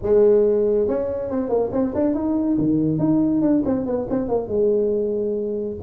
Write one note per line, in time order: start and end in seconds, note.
0.02 0.88 G#3
0.88 1.30 C#4
1.30 1.49 C4
1.49 1.70 A#3
1.72 1.93 C4
1.95 2.14 D4
2.14 2.57 D#4
2.58 2.98 D#3
2.98 3.41 D#4
3.41 3.63 D4
3.65 3.86 C4
3.86 4.07 B3
4.10 4.28 C4
4.28 4.48 A#3
4.48 5.76 G#3